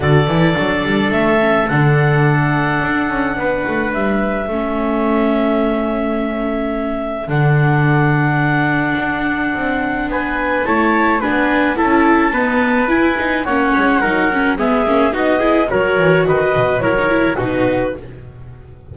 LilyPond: <<
  \new Staff \with { instrumentName = "clarinet" } { \time 4/4 \tempo 4 = 107 d''2 e''4 fis''4~ | fis''2. e''4~ | e''1~ | e''4 fis''2.~ |
fis''2 gis''4 a''4 | gis''4 a''2 gis''4 | fis''2 e''4 dis''4 | cis''4 dis''4 cis''4 b'4 | }
  \new Staff \with { instrumentName = "trumpet" } { \time 4/4 a'1~ | a'2 b'2 | a'1~ | a'1~ |
a'2 b'4 cis''4 | b'4 a'4 b'2 | cis''4 ais'4 gis'4 fis'8 gis'8 | ais'4 b'4 ais'4 fis'4 | }
  \new Staff \with { instrumentName = "viola" } { \time 4/4 fis'8 e'8 d'4. cis'8 d'4~ | d'1 | cis'1~ | cis'4 d'2.~ |
d'2. e'4 | d'4 e'4 b4 e'8 dis'8 | cis'4 dis'8 cis'8 b8 cis'8 dis'8 e'8 | fis'2 e'16 dis'16 e'8 dis'4 | }
  \new Staff \with { instrumentName = "double bass" } { \time 4/4 d8 e8 fis8 g8 a4 d4~ | d4 d'8 cis'8 b8 a8 g4 | a1~ | a4 d2. |
d'4 c'4 b4 a4 | b4 cis'4 dis'4 e'4 | ais8 gis8 fis4 gis8 ais8 b4 | fis8 e8 dis8 b,8 fis4 b,4 | }
>>